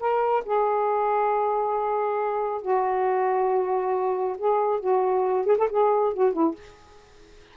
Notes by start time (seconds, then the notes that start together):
0.00 A#4
0.45 G#4
2.62 F#4
4.38 G#4
4.80 F#4
5.46 G#4
5.58 A4
5.70 G#4
6.14 F#4
6.33 E4